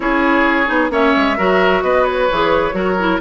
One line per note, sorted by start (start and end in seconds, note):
0.00 0.68 C#4
0.00 0.66 E4
0.00 0.91 G#4
0.00 0.90 C#5
0.66 0.90 B3
0.66 0.89 D#4
0.90 1.13 A#3
0.90 1.36 C#4
0.90 1.37 C#5
0.90 1.83 E5
1.15 1.38 G#3
1.37 1.82 F#3
1.37 2.29 F#4
1.37 1.83 A#4
1.82 2.28 B3
1.82 2.75 B4
1.82 2.04 D#5
2.04 3.19 C#5
2.31 2.73 E3
2.31 2.71 G#4
2.71 3.19 F#3
2.71 2.94 F#4
2.71 3.21 A#4
2.99 3.21 E4